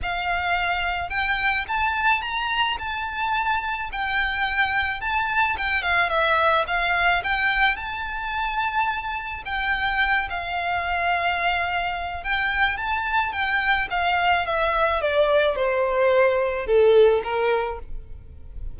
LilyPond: \new Staff \with { instrumentName = "violin" } { \time 4/4 \tempo 4 = 108 f''2 g''4 a''4 | ais''4 a''2 g''4~ | g''4 a''4 g''8 f''8 e''4 | f''4 g''4 a''2~ |
a''4 g''4. f''4.~ | f''2 g''4 a''4 | g''4 f''4 e''4 d''4 | c''2 a'4 ais'4 | }